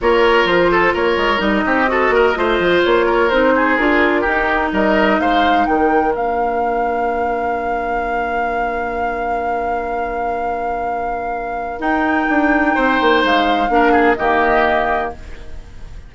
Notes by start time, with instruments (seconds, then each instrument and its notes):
0.01 bassoon A#3, clarinet F4, oboe A#4, flute C#5
0.45 bassoon F3, flute C5
0.71 oboe A4
0.93 bassoon A#3, oboe A#4, flute C#5
1.16 bassoon G#3
1.37 bassoon G3, clarinet D#4, flute D#5
1.65 bassoon C4, oboe G4
1.87 clarinet F#4, oboe A4
2.09 bassoon A#3, oboe A#4
2.35 bassoon A3, clarinet F4, oboe C5
2.59 bassoon F3
2.83 bassoon A#3, flute C#5
3.06 oboe A#4
3.29 bassoon C4, clarinet D#4, flute C5
3.55 oboe G#4
3.76 bassoon D4, clarinet F4, flute A#4
4.21 bassoon D#4, oboe G4
4.27 clarinet D#4
4.72 bassoon G3, oboe A#4, flute D#5
5.19 bassoon G#3, oboe C5, flute F5
5.65 bassoon D#3, oboe A#4, flute G5
6.11 bassoon A#3, clarinet D4, flute F5
11.78 clarinet D#4, bassoon D#4, flute G5
12.29 bassoon D4
12.74 bassoon C4, oboe C5
13.01 bassoon A#3
13.24 bassoon G#3, flute F5
13.69 bassoon A#3, clarinet D4, oboe A#4
13.92 oboe G#4
14.15 bassoon D#3, clarinet A#3, oboe G4, flute D#5